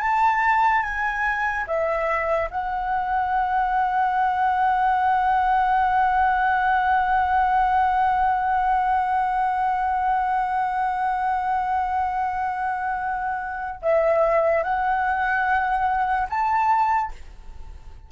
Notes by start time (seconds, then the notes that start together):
0.00 A5
0.82 G#5
1.67 E5
2.50 F#5
13.82 E5
14.63 F#5
16.29 A5